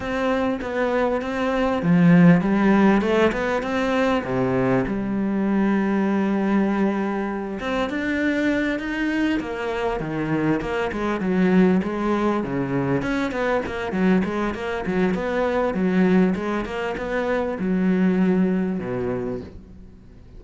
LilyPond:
\new Staff \with { instrumentName = "cello" } { \time 4/4 \tempo 4 = 99 c'4 b4 c'4 f4 | g4 a8 b8 c'4 c4 | g1~ | g8 c'8 d'4. dis'4 ais8~ |
ais8 dis4 ais8 gis8 fis4 gis8~ | gis8 cis4 cis'8 b8 ais8 fis8 gis8 | ais8 fis8 b4 fis4 gis8 ais8 | b4 fis2 b,4 | }